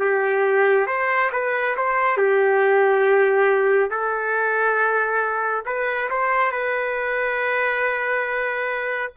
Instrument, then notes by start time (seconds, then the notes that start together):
trumpet
0.00 G4
0.87 C5
1.33 B4
1.77 C5
2.18 G4
3.91 A4
5.66 B4
6.10 C5
6.52 B4